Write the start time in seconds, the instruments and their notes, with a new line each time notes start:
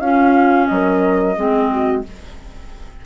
0.00 bassoon C#4, clarinet C#4, horn F4, flute F5
0.67 bassoon F#3, flute D#5
0.74 horn A#4
1.37 bassoon G#3, clarinet C4, horn G#4
1.72 horn F#4